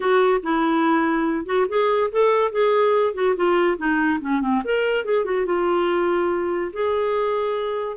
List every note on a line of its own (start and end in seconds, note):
0.00 0.41 F#4
0.43 1.45 E4
1.45 1.66 F#4
1.68 2.10 G#4
2.11 2.51 A4
2.51 3.14 G#4
3.14 3.35 F#4
3.35 3.77 F4
3.77 4.19 D#4
4.20 4.41 C#4
4.41 4.62 C4
4.64 5.04 A#4
5.04 5.24 G#4
5.24 5.45 F#4
5.45 6.71 F4
6.72 7.97 G#4